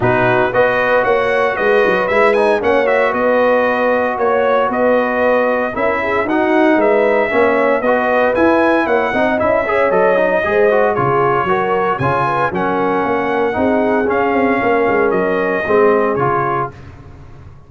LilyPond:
<<
  \new Staff \with { instrumentName = "trumpet" } { \time 4/4 \tempo 4 = 115 b'4 dis''4 fis''4 dis''4 | e''8 gis''8 fis''8 e''8 dis''2 | cis''4 dis''2 e''4 | fis''4 e''2 dis''4 |
gis''4 fis''4 e''4 dis''4~ | dis''4 cis''2 gis''4 | fis''2. f''4~ | f''4 dis''2 cis''4 | }
  \new Staff \with { instrumentName = "horn" } { \time 4/4 fis'4 b'4 cis''4 b'4~ | b'4 cis''4 b'2 | cis''4 b'2 ais'8 gis'8 | fis'4 b'4 cis''4 b'4~ |
b'4 cis''8 dis''4 cis''4. | c''4 gis'4 ais'4 cis''8 b'8 | ais'2 gis'2 | ais'2 gis'2 | }
  \new Staff \with { instrumentName = "trombone" } { \time 4/4 dis'4 fis'2. | e'8 dis'8 cis'8 fis'2~ fis'8~ | fis'2. e'4 | dis'2 cis'4 fis'4 |
e'4. dis'8 e'8 gis'8 a'8 dis'8 | gis'8 fis'8 f'4 fis'4 f'4 | cis'2 dis'4 cis'4~ | cis'2 c'4 f'4 | }
  \new Staff \with { instrumentName = "tuba" } { \time 4/4 b,4 b4 ais4 gis8 fis8 | gis4 ais4 b2 | ais4 b2 cis'4 | dis'4 gis4 ais4 b4 |
e'4 ais8 c'8 cis'4 fis4 | gis4 cis4 fis4 cis4 | fis4 ais4 c'4 cis'8 c'8 | ais8 gis8 fis4 gis4 cis4 | }
>>